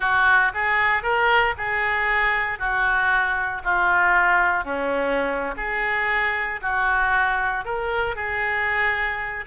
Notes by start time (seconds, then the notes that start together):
0.00 F#4
0.53 G#4
1.02 A#4
1.57 G#4
2.58 F#4
3.63 F4
4.64 C#4
5.57 G#4
6.61 F#4
7.64 A#4
8.15 G#4